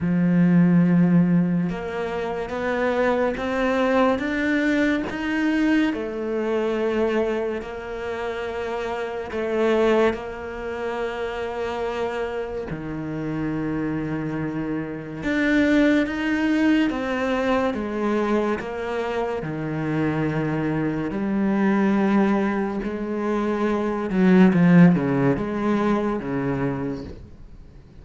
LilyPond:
\new Staff \with { instrumentName = "cello" } { \time 4/4 \tempo 4 = 71 f2 ais4 b4 | c'4 d'4 dis'4 a4~ | a4 ais2 a4 | ais2. dis4~ |
dis2 d'4 dis'4 | c'4 gis4 ais4 dis4~ | dis4 g2 gis4~ | gis8 fis8 f8 cis8 gis4 cis4 | }